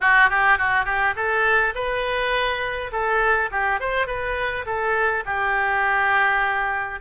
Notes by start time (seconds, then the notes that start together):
0.01 F#4
0.29 G4
0.57 F#4
0.85 G4
1.15 A4
1.74 B4
2.92 A4
3.51 G4
3.80 C5
4.06 B4
4.65 A4
5.25 G4